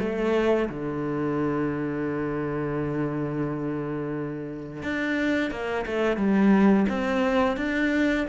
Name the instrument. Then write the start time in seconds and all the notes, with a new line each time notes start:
cello
0.00 A3
0.70 D3
4.83 D4
5.51 A#3
5.86 A3
6.17 G3
6.89 C4
7.57 D4